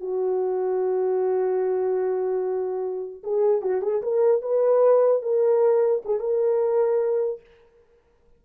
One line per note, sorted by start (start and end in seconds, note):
0.00 3.22 F#4
3.23 3.61 G#4
3.61 3.81 F#4
3.81 4.01 G#4
4.02 4.41 A#4
4.41 5.22 B4
5.22 6.03 A#4
6.05 6.20 G#4
6.20 7.40 A#4